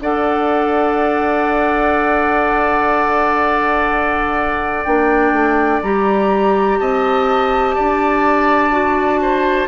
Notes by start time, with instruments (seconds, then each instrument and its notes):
0.00 bassoon D4, clarinet A4, oboe D5, flute F#5
4.84 bassoon A#3, clarinet D4, flute G5
5.32 bassoon A3
5.82 bassoon G3, clarinet G4, flute A#5
6.79 bassoon C4, oboe D#5, flute A5
7.75 bassoon D4, oboe D5
8.71 clarinet F#4
9.22 oboe C5